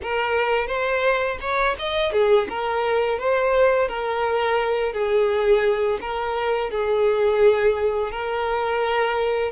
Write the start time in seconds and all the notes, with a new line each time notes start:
0.02 A#4
0.67 C5
1.41 C#5
1.78 D#5
2.12 G#4
2.49 A#4
3.19 C5
3.88 A#4
4.92 G#4
6.00 A#4
6.70 G#4
8.11 A#4